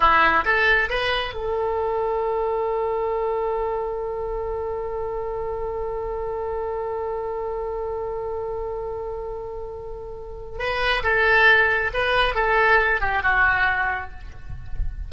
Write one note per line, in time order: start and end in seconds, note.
0.00 0.44 E4
0.45 0.89 A4
0.89 1.34 B4
1.34 10.58 A4
10.58 11.02 B4
11.03 11.91 A4
11.93 12.34 B4
12.34 13.00 A4
13.00 13.22 G4
13.22 14.11 F#4